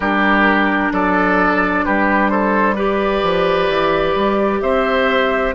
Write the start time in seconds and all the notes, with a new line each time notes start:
0.00 G3 D4 G4 A#4
0.92 F#3 A4 D5
1.84 G3 G4 B4
2.29 A4 C5
2.75 G4 B4 D5
3.22 F3
3.68 E3
4.15 G3
4.61 C4 C5 E5